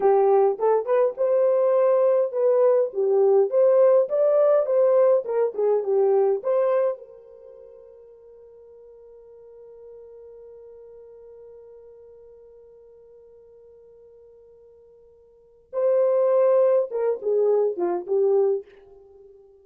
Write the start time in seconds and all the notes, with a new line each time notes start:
0.00 G4
0.58 A4
0.85 B4
1.17 C5
2.32 B4
2.93 G4
3.50 C5
4.08 D5
4.65 C5
5.24 A#4
5.54 G#4
5.83 G4
6.43 C5
6.97 A#4
15.72 C5
16.91 A#4
17.21 G#4
17.77 F4
18.06 G4